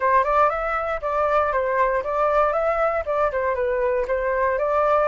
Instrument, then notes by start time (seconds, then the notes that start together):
flute
0.00 C5
0.24 D5
0.49 E5
1.01 D5
1.52 C5
2.03 D5
2.52 E5
3.05 D5
3.31 C5
3.55 B4
4.07 C5
4.58 D5